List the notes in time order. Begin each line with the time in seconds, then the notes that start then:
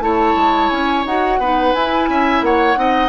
0.00 A3 E4 C#5 A5
0.36 G#3
0.70 C#4 G#5
1.06 D#4 F#4 F#5
1.39 B3 D#4 B4
1.74 E4 G#5
2.09 C#4 E5
2.42 A#3 C#5 F#5
2.76 C4 D#4 D#5